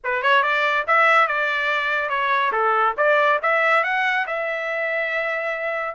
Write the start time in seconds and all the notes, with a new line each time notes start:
0.04 B4
0.22 C#5
0.43 D5
0.87 E5
1.27 D5
2.09 C#5
2.52 A4
2.97 D5
3.42 E5
3.83 F#5
4.26 E5